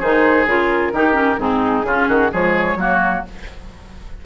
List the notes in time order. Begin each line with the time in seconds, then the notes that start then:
0.00 D#3 D#4 G#4 C5
0.46 C#3 F4 A#4
0.93 D#3 D#4 G4
1.13 C#4
1.38 G#2 C4 D#4 G#4
1.84 C#3 C#4 F4
2.08 D#3 F#4
2.31 F3 G#3 G#4 C#5
2.76 F#3 A#3 F#4